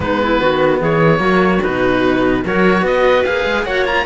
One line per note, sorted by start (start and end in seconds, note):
0.00 0.41 G#3
0.00 1.18 B3
0.00 0.21 D#4
0.00 0.78 B4
0.22 0.41 E4
0.41 0.81 D#3
0.41 0.79 F#4
0.79 1.19 E3
0.79 1.18 G#4
0.79 1.63 C#5
1.18 1.60 F#3
1.18 1.58 A#3
1.18 2.40 F#4
1.62 2.44 B2
1.62 2.43 D#4
1.62 2.44 B4
2.44 2.82 F#3
2.44 3.25 F#4
2.44 2.82 A#4
2.44 2.86 C#5
2.82 3.22 B3
2.82 3.63 B4
2.82 3.24 D#5
3.24 3.44 A#3
3.24 3.66 G#4
3.24 3.65 F5
3.44 3.65 G#3
3.65 4.05 A#3
3.65 3.85 F#4
3.65 4.05 C#5
3.65 3.85 F#5
3.85 4.05 F4
3.85 4.05 A#5